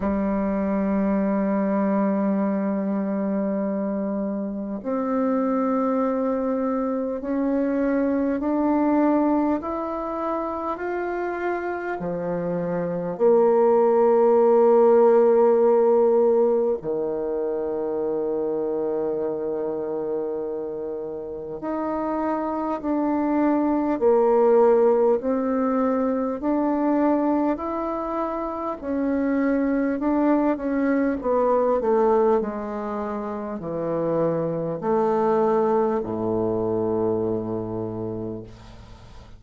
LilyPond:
\new Staff \with { instrumentName = "bassoon" } { \time 4/4 \tempo 4 = 50 g1 | c'2 cis'4 d'4 | e'4 f'4 f4 ais4~ | ais2 dis2~ |
dis2 dis'4 d'4 | ais4 c'4 d'4 e'4 | cis'4 d'8 cis'8 b8 a8 gis4 | e4 a4 a,2 | }